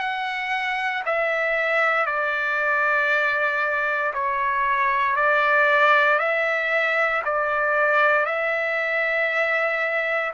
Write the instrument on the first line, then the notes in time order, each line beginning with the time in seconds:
trumpet
0.00 F#5
1.06 E5
2.06 D5
4.14 C#5
5.16 D5
6.19 E5
7.25 D5
8.26 E5